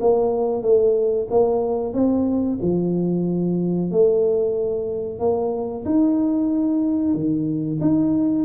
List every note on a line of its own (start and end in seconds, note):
0.00 0.62 A#3
0.62 1.27 A3
1.30 1.93 A#3
1.93 2.58 C4
2.61 3.91 F3
3.91 5.18 A3
5.18 5.84 A#3
5.85 7.14 D#4
7.14 7.79 D#3
7.81 8.45 D#4